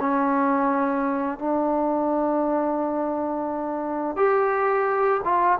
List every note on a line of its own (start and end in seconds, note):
0.00 1.39 C#4
1.39 4.17 D4
4.17 5.21 G4
5.25 5.59 F4